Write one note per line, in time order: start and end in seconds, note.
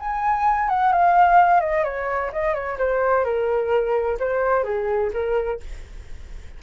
0.00 0.69 G#5
0.69 0.93 F#5
0.93 1.61 F5
1.61 1.84 D#5
1.84 2.31 C#5
2.33 2.55 D#5
2.55 2.78 C#5
2.79 3.25 C5
3.25 4.18 A#4
4.20 4.64 C5
4.64 5.11 G#4
5.13 5.60 A#4